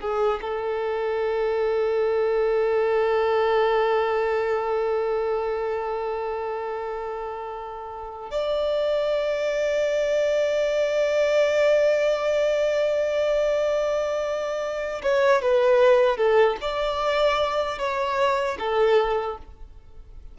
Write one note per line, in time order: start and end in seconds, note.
0.00 0.39 G#4
0.41 8.30 A4
8.30 15.01 D5
15.02 15.41 C#5
15.41 16.17 B4
16.17 16.56 A4
16.61 17.78 D5
17.78 18.57 C#5
18.58 19.37 A4